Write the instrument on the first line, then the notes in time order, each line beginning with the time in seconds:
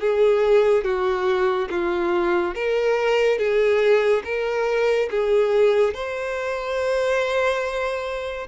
violin
0.00 G#4
0.84 F#4
1.70 F4
2.54 A#4
3.38 G#4
4.24 A#4
5.10 G#4
5.93 C5